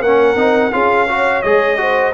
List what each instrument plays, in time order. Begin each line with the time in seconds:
0.00 tuba A#3, trombone C#4, horn A#4, trumpet F#5
0.35 tuba C4, trombone D#4
0.72 tuba C#4, trombone F4, horn G#4, trumpet F5
1.08 trombone F#4, horn C#5
1.42 tuba G#3, trombone G#4, trumpet D#5
1.77 trombone F#4, horn C5